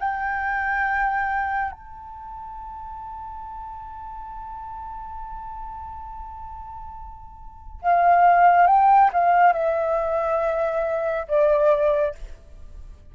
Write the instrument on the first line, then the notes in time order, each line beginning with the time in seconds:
flute
0.00 G5
1.72 A5
7.83 F5
8.67 G5
9.13 F5
9.53 E5
11.28 D5